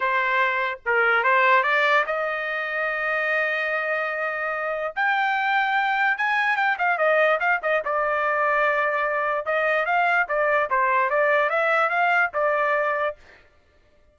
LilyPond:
\new Staff \with { instrumentName = "trumpet" } { \time 4/4 \tempo 4 = 146 c''2 ais'4 c''4 | d''4 dis''2.~ | dis''1 | g''2. gis''4 |
g''8 f''8 dis''4 f''8 dis''8 d''4~ | d''2. dis''4 | f''4 d''4 c''4 d''4 | e''4 f''4 d''2 | }